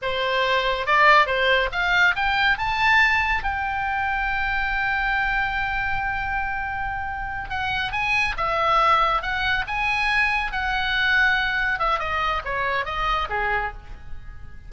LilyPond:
\new Staff \with { instrumentName = "oboe" } { \time 4/4 \tempo 4 = 140 c''2 d''4 c''4 | f''4 g''4 a''2 | g''1~ | g''1~ |
g''4. fis''4 gis''4 e''8~ | e''4. fis''4 gis''4.~ | gis''8 fis''2. e''8 | dis''4 cis''4 dis''4 gis'4 | }